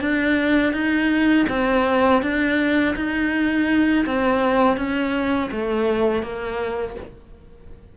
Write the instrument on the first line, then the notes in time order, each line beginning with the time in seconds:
cello
0.00 D4
0.73 D#4
1.48 C4
2.22 D4
2.95 D#4
4.05 C4
4.77 C#4
5.51 A3
6.22 A#3